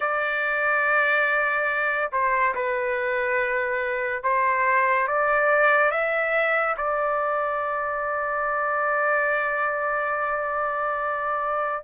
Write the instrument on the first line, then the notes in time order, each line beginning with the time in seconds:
trumpet
0.00 D5
2.12 C5
2.55 B4
4.23 C5
5.07 D5
5.91 E5
6.77 D5